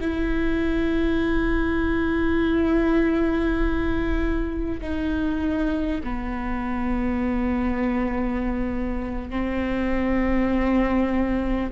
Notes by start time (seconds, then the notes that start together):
0.00 E4
4.81 D#4
6.03 B3
9.30 C4